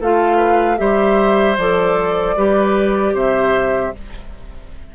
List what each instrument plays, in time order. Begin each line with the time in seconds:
0.00 bassoon A3, clarinet F4, oboe A4, flute F5
0.36 oboe B4
0.77 bassoon G3, clarinet G4, oboe C5, flute E5
1.57 bassoon F3, clarinet A4, flute D5
2.36 bassoon G3, clarinet G4, oboe B4
3.13 bassoon C3, oboe C5, flute E5